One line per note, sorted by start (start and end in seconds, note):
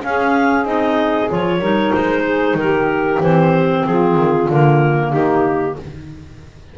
0.00 0.64 C#4
0.00 0.65 C#4
0.00 1.59 G#4
0.00 0.66 F5
0.64 1.29 C4
0.64 1.28 D#4
0.64 1.29 D#5
1.30 1.60 F3
1.30 1.61 F4
1.30 1.93 C#5
1.59 1.92 G3
1.59 3.22 D#4
1.59 2.22 A#4
1.93 2.54 G#3
1.93 2.57 C5
2.26 2.58 G#4
2.54 3.18 D#3
2.54 3.87 G4
2.54 3.22 A#4
3.21 3.84 E3
3.21 4.51 C4
3.21 3.86 C5
3.86 4.16 F3
3.86 5.11 F4
3.86 4.50 G#4
4.16 4.48 D#3
4.50 5.13 D3
4.50 5.78 A#3
4.50 5.12 A#4
5.11 5.77 D#3
5.11 5.75 D#4
5.11 5.76 G4